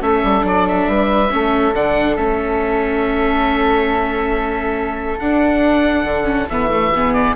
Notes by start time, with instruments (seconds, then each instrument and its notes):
0.00 bassoon A3, viola C#4, flute A4, oboe E5
0.23 bassoon G3
0.41 bassoon F#3, viola D4
0.48 oboe D5
0.68 oboe E5
0.87 bassoon G3, flute B4
1.30 bassoon A3, viola C#4, flute A4
1.73 bassoon D3, viola D4, oboe F#5
2.16 bassoon A3, viola C#4, oboe E5
5.19 bassoon D4, viola D4, oboe F#5
6.04 bassoon D3
6.24 viola C#4
6.49 bassoon E3, viola B3, oboe E5
6.71 viola A3
6.94 viola B3, flute G#4
7.13 oboe D5